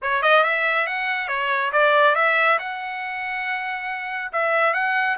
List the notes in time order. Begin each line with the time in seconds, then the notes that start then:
0.02 C#5
0.22 D#5
0.43 E5
0.86 F#5
1.28 C#5
1.72 D5
2.15 E5
2.58 F#5
4.32 E5
4.73 F#5